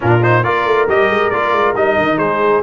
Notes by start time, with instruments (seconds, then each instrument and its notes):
0.00 tuba A#2, trombone D4, horn F4, trumpet A#4
0.22 trombone D#4, trumpet C5
0.43 tuba A#3, trombone F4, horn A#4, trumpet D5
0.65 tuba A3
0.87 tuba G3, trombone G4, trumpet D#5
1.09 tuba G#3
1.29 tuba A#3, trombone F4, trumpet D5
1.52 tuba G#3
1.74 tuba G3, trombone D#4, trumpet D#5
1.97 tuba D#3
2.17 tuba G#3, horn G#4, trumpet C5